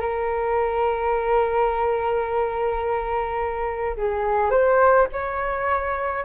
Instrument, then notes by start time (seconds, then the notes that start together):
flute
0.00 A#4
3.96 G#4
4.50 C5
5.12 C#5